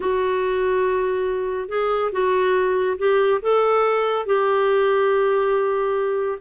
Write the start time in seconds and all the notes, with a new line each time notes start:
0.00 F#4
1.68 G#4
2.12 F#4
2.98 G4
3.42 A4
4.26 G4